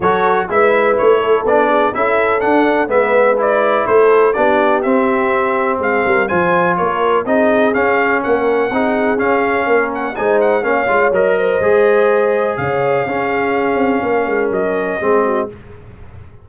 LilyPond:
<<
  \new Staff \with { instrumentName = "trumpet" } { \time 4/4 \tempo 4 = 124 cis''4 e''4 cis''4 d''4 | e''4 fis''4 e''4 d''4 | c''4 d''4 e''2 | f''4 gis''4 cis''4 dis''4 |
f''4 fis''2 f''4~ | f''8 fis''8 gis''8 fis''8 f''4 dis''4~ | dis''2 f''2~ | f''2 dis''2 | }
  \new Staff \with { instrumentName = "horn" } { \time 4/4 a'4 b'4. a'4 gis'8 | a'2 b'2 | a'4 g'2. | gis'8 ais'8 c''4 ais'4 gis'4~ |
gis'4 ais'4 gis'2 | ais'4 c''4 cis''4. c''8~ | c''2 cis''4 gis'4~ | gis'4 ais'2 gis'8 fis'8 | }
  \new Staff \with { instrumentName = "trombone" } { \time 4/4 fis'4 e'2 d'4 | e'4 d'4 b4 e'4~ | e'4 d'4 c'2~ | c'4 f'2 dis'4 |
cis'2 dis'4 cis'4~ | cis'4 dis'4 cis'8 f'8 ais'4 | gis'2. cis'4~ | cis'2. c'4 | }
  \new Staff \with { instrumentName = "tuba" } { \time 4/4 fis4 gis4 a4 b4 | cis'4 d'4 gis2 | a4 b4 c'2 | gis8 g8 f4 ais4 c'4 |
cis'4 ais4 c'4 cis'4 | ais4 gis4 ais8 gis8 fis4 | gis2 cis4 cis'4~ | cis'8 c'8 ais8 gis8 fis4 gis4 | }
>>